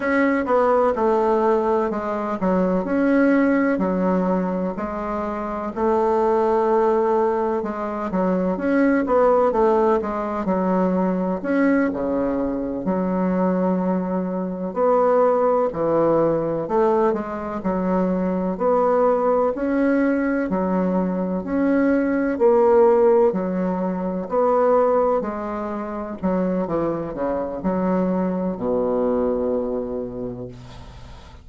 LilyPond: \new Staff \with { instrumentName = "bassoon" } { \time 4/4 \tempo 4 = 63 cis'8 b8 a4 gis8 fis8 cis'4 | fis4 gis4 a2 | gis8 fis8 cis'8 b8 a8 gis8 fis4 | cis'8 cis4 fis2 b8~ |
b8 e4 a8 gis8 fis4 b8~ | b8 cis'4 fis4 cis'4 ais8~ | ais8 fis4 b4 gis4 fis8 | e8 cis8 fis4 b,2 | }